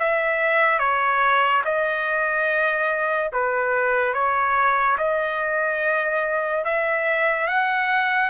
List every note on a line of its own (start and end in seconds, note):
0.00 0.80 E5
0.80 1.62 C#5
1.65 3.31 D#5
3.33 4.14 B4
4.14 4.98 C#5
4.98 6.65 D#5
6.65 7.48 E5
7.48 8.30 F#5